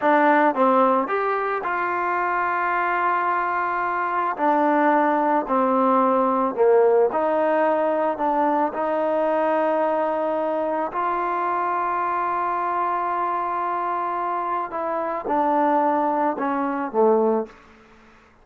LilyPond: \new Staff \with { instrumentName = "trombone" } { \time 4/4 \tempo 4 = 110 d'4 c'4 g'4 f'4~ | f'1 | d'2 c'2 | ais4 dis'2 d'4 |
dis'1 | f'1~ | f'2. e'4 | d'2 cis'4 a4 | }